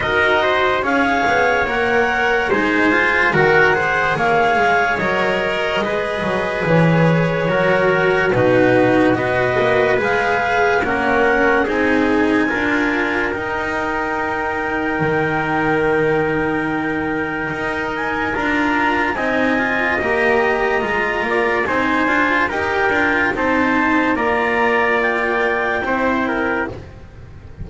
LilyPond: <<
  \new Staff \with { instrumentName = "clarinet" } { \time 4/4 \tempo 4 = 72 dis''4 f''4 fis''4 gis''4 | fis''4 f''4 dis''2 | cis''2 b'4 dis''4 | f''4 fis''4 gis''2 |
g''1~ | g''4. gis''8 ais''4 gis''4 | ais''2 gis''4 g''4 | a''4 ais''4 g''2 | }
  \new Staff \with { instrumentName = "trumpet" } { \time 4/4 ais'8 c''8 cis''2 c''4 | ais'8 c''8 cis''2 b'4~ | b'4 ais'4 fis'4 b'4~ | b'4 ais'4 gis'4 ais'4~ |
ais'1~ | ais'2. dis''4~ | dis''4. d''8 c''4 ais'4 | c''4 d''2 c''8 ais'8 | }
  \new Staff \with { instrumentName = "cello" } { \time 4/4 fis'4 gis'4 ais'4 dis'8 f'8 | fis'8 gis'4. ais'4 gis'4~ | gis'4 fis'4 dis'4 fis'4 | gis'4 cis'4 dis'4 f'4 |
dis'1~ | dis'2 f'4 dis'8 f'8 | g'4 f'4 dis'8 f'8 g'8 f'8 | dis'4 f'2 e'4 | }
  \new Staff \with { instrumentName = "double bass" } { \time 4/4 dis'4 cis'8 b8 ais4 gis4 | dis4 ais8 gis8 fis4 gis8 fis8 | e4 fis4 b,4 b8 ais8 | gis4 ais4 c'4 d'4 |
dis'2 dis2~ | dis4 dis'4 d'4 c'4 | ais4 gis8 ais8 c'8 d'8 dis'8 d'8 | c'4 ais2 c'4 | }
>>